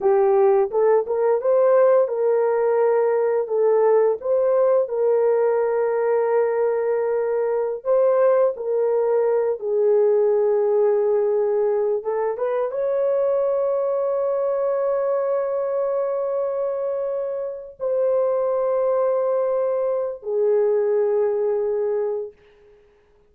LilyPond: \new Staff \with { instrumentName = "horn" } { \time 4/4 \tempo 4 = 86 g'4 a'8 ais'8 c''4 ais'4~ | ais'4 a'4 c''4 ais'4~ | ais'2.~ ais'16 c''8.~ | c''16 ais'4. gis'2~ gis'16~ |
gis'4~ gis'16 a'8 b'8 cis''4.~ cis''16~ | cis''1~ | cis''4. c''2~ c''8~ | c''4 gis'2. | }